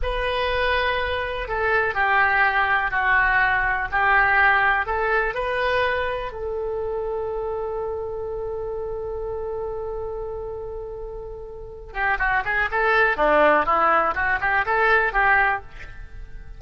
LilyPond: \new Staff \with { instrumentName = "oboe" } { \time 4/4 \tempo 4 = 123 b'2. a'4 | g'2 fis'2 | g'2 a'4 b'4~ | b'4 a'2.~ |
a'1~ | a'1~ | a'8 g'8 fis'8 gis'8 a'4 d'4 | e'4 fis'8 g'8 a'4 g'4 | }